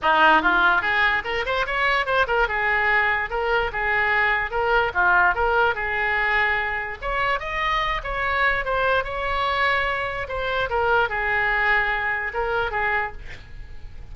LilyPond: \new Staff \with { instrumentName = "oboe" } { \time 4/4 \tempo 4 = 146 dis'4 f'4 gis'4 ais'8 c''8 | cis''4 c''8 ais'8 gis'2 | ais'4 gis'2 ais'4 | f'4 ais'4 gis'2~ |
gis'4 cis''4 dis''4. cis''8~ | cis''4 c''4 cis''2~ | cis''4 c''4 ais'4 gis'4~ | gis'2 ais'4 gis'4 | }